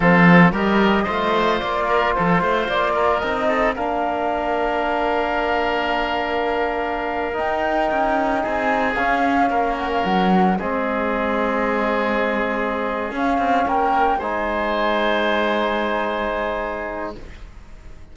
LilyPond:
<<
  \new Staff \with { instrumentName = "flute" } { \time 4/4 \tempo 4 = 112 f''4 dis''2 d''4 | c''4 d''4 dis''4 f''4~ | f''1~ | f''4.~ f''16 g''2 gis''16~ |
gis''8. f''4. fis''16 f''16 fis''4 dis''16~ | dis''1~ | dis''8 f''4 g''4 gis''4.~ | gis''1 | }
  \new Staff \with { instrumentName = "oboe" } { \time 4/4 a'4 ais'4 c''4. ais'8 | a'8 c''4 ais'4 a'8 ais'4~ | ais'1~ | ais'2.~ ais'8. gis'16~ |
gis'4.~ gis'16 ais'2 gis'16~ | gis'1~ | gis'4. ais'4 c''4.~ | c''1 | }
  \new Staff \with { instrumentName = "trombone" } { \time 4/4 c'4 g'4 f'2~ | f'2 dis'4 d'4~ | d'1~ | d'4.~ d'16 dis'2~ dis'16~ |
dis'8. cis'2. c'16~ | c'1~ | c'8 cis'2 dis'4.~ | dis'1 | }
  \new Staff \with { instrumentName = "cello" } { \time 4/4 f4 g4 a4 ais4 | f8 a8 ais4 c'4 ais4~ | ais1~ | ais4.~ ais16 dis'4 cis'4 c'16~ |
c'8. cis'4 ais4 fis4 gis16~ | gis1~ | gis8 cis'8 c'8 ais4 gis4.~ | gis1 | }
>>